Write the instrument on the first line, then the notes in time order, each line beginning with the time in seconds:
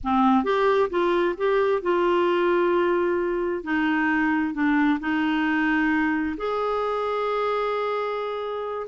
clarinet
0.03 C4
0.44 G4
0.90 F4
1.37 G4
1.81 F4
3.63 D#4
4.54 D4
4.99 D#4
6.37 G#4